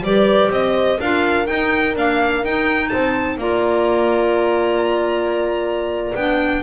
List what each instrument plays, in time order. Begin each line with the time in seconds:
0.00 double bass G3, clarinet G4, horn B4, violin D5
0.50 double bass C4, horn C5, violin D#5
1.00 double bass D4, clarinet F4, horn A#4, violin F5
1.46 clarinet D#4, double bass D#4, violin G5
1.95 clarinet A#3, double bass D4, violin F5
2.43 double bass D#4, clarinet D#4, violin G5
2.88 double bass C4, horn C5, violin A5
3.37 double bass A#3, clarinet F4, horn D5, violin A#5
6.15 double bass B3, clarinet D4, violin G5